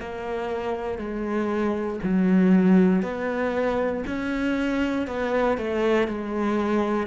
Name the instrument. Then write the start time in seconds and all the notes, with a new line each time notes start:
cello
0.00 A#3
0.98 G#3
2.03 F#3
3.03 B3
4.07 C#4
5.08 B3
5.57 A3
6.08 G#3